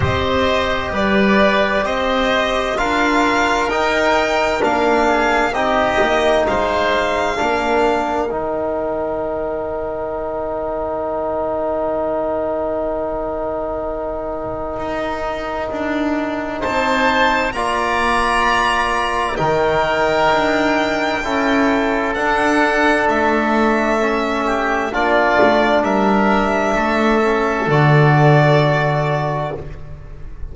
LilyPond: <<
  \new Staff \with { instrumentName = "violin" } { \time 4/4 \tempo 4 = 65 dis''4 d''4 dis''4 f''4 | g''4 f''4 dis''4 f''4~ | f''4 g''2.~ | g''1~ |
g''2 a''4 ais''4~ | ais''4 g''2. | fis''4 e''2 d''4 | e''2 d''2 | }
  \new Staff \with { instrumentName = "oboe" } { \time 4/4 c''4 b'4 c''4 ais'4~ | ais'4. gis'8 g'4 c''4 | ais'1~ | ais'1~ |
ais'2 c''4 d''4~ | d''4 ais'2 a'4~ | a'2~ a'8 g'8 f'4 | ais'4 a'2. | }
  \new Staff \with { instrumentName = "trombone" } { \time 4/4 g'2. f'4 | dis'4 d'4 dis'2 | d'4 dis'2.~ | dis'1~ |
dis'2. f'4~ | f'4 dis'2 e'4 | d'2 cis'4 d'4~ | d'4. cis'8 fis'2 | }
  \new Staff \with { instrumentName = "double bass" } { \time 4/4 c'4 g4 c'4 d'4 | dis'4 ais4 c'8 ais8 gis4 | ais4 dis2.~ | dis1 |
dis'4 d'4 c'4 ais4~ | ais4 dis4 d'4 cis'4 | d'4 a2 ais8 a8 | g4 a4 d2 | }
>>